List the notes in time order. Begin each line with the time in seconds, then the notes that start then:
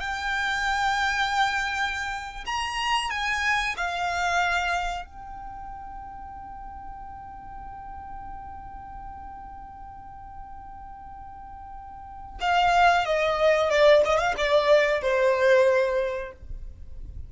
0.00 G5
2.46 A#5
3.10 G#5
3.77 F5
5.05 G5
12.41 F5
13.05 D#5
13.70 D5
14.05 D#5
14.18 F5
14.37 D5
15.01 C5